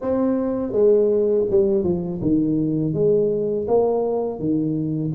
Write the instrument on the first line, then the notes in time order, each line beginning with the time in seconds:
tuba
0.01 C4
0.72 G#3
1.50 G3
1.83 F3
2.21 D#3
2.93 G#3
3.67 A#3
4.39 D#3